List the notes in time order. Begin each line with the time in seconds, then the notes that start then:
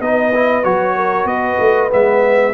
0.00 B3 D#4 B4 D#5
0.34 E4
0.63 F#3 F#4 C#5
0.95 A#4
1.24 B3 B4 D#5
1.59 A3
1.89 G#3 B3 E5